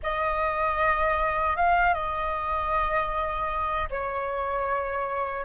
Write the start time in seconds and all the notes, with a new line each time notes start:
0.02 D#5
1.56 F5
1.93 D#5
3.90 C#5